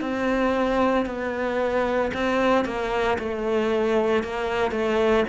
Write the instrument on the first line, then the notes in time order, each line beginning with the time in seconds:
cello
0.00 C4
1.06 B3
2.13 C4
2.65 A#3
3.18 A3
4.23 A#3
4.71 A3